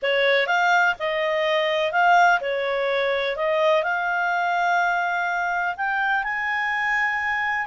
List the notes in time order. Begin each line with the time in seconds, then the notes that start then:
0.02 C#5
0.46 F5
0.99 D#5
1.92 F5
2.40 C#5
3.36 D#5
3.83 F5
5.76 G5
6.23 G#5